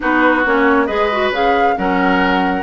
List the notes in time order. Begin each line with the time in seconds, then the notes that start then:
0.00 B3 D#4 F#4 B4
0.45 A#3 C#4 C#5
0.86 G#3 G#4 B4 D#5
1.12 F#4
1.31 C#3 G#4 F5
1.76 F#3 C#4 A#4 F#5